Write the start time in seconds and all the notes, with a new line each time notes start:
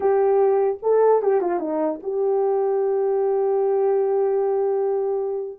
0.00 G4
0.82 A4
1.21 G4
1.40 F4
1.59 D#4
2.03 G4